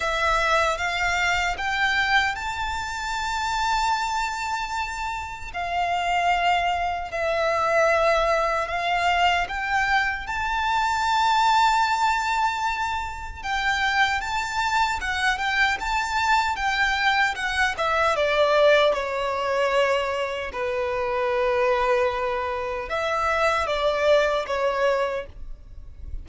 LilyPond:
\new Staff \with { instrumentName = "violin" } { \time 4/4 \tempo 4 = 76 e''4 f''4 g''4 a''4~ | a''2. f''4~ | f''4 e''2 f''4 | g''4 a''2.~ |
a''4 g''4 a''4 fis''8 g''8 | a''4 g''4 fis''8 e''8 d''4 | cis''2 b'2~ | b'4 e''4 d''4 cis''4 | }